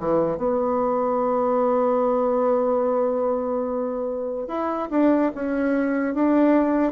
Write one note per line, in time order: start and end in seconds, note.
0.00 0.38 E3
0.38 4.48 B3
4.48 4.89 E4
4.91 5.32 D4
5.35 6.15 C#4
6.15 6.93 D4